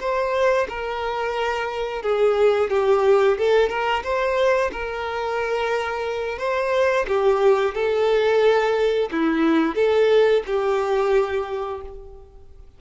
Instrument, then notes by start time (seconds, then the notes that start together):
violin
0.00 C5
0.69 A#4
2.03 G#4
2.70 G4
3.38 A4
3.69 A#4
4.04 C5
4.72 A#4
6.39 C5
7.08 G4
7.74 A4
9.12 E4
9.75 A4
10.46 G4